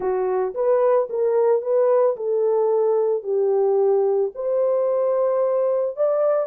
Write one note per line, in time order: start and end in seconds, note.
0.00 0.54 F#4
0.54 1.08 B4
1.09 1.62 A#4
1.62 2.16 B4
2.16 3.23 A4
3.23 4.31 G4
4.35 5.96 C5
5.96 6.46 D5